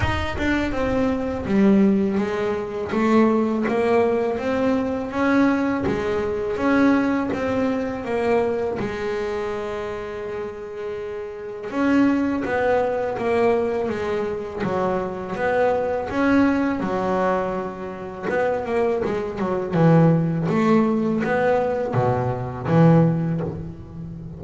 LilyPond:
\new Staff \with { instrumentName = "double bass" } { \time 4/4 \tempo 4 = 82 dis'8 d'8 c'4 g4 gis4 | a4 ais4 c'4 cis'4 | gis4 cis'4 c'4 ais4 | gis1 |
cis'4 b4 ais4 gis4 | fis4 b4 cis'4 fis4~ | fis4 b8 ais8 gis8 fis8 e4 | a4 b4 b,4 e4 | }